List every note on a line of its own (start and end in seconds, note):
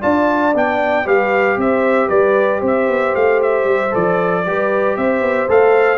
0.00 0.54 D4
0.00 0.53 F4
0.00 1.04 D5
0.00 0.54 A5
0.54 1.06 B3
0.54 1.05 D4
0.54 1.07 G5
1.04 1.56 G3
1.04 3.90 G4
1.04 1.56 B4
1.04 1.59 F5
1.56 2.09 C4
1.56 2.07 C5
1.56 2.08 E5
2.07 2.62 G3
2.07 2.59 B4
2.07 2.61 D5
2.60 2.88 C4
2.60 4.42 C5
2.66 3.15 E5
2.88 3.14 B3
3.15 3.64 A3
3.15 3.41 F5
3.42 3.94 E5
3.64 3.90 G3
3.90 4.46 F3
3.90 4.43 A4
3.90 4.96 D5
4.46 4.96 G3
4.46 5.48 G4
4.46 4.97 B4
4.96 5.20 C4
4.96 5.97 C5
4.96 5.48 E5
5.20 5.46 B3
5.48 5.97 A3
5.48 5.97 A4
5.48 5.97 F5